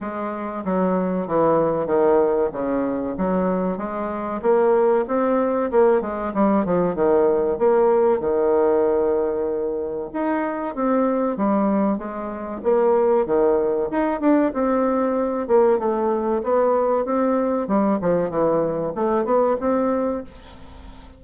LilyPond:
\new Staff \with { instrumentName = "bassoon" } { \time 4/4 \tempo 4 = 95 gis4 fis4 e4 dis4 | cis4 fis4 gis4 ais4 | c'4 ais8 gis8 g8 f8 dis4 | ais4 dis2. |
dis'4 c'4 g4 gis4 | ais4 dis4 dis'8 d'8 c'4~ | c'8 ais8 a4 b4 c'4 | g8 f8 e4 a8 b8 c'4 | }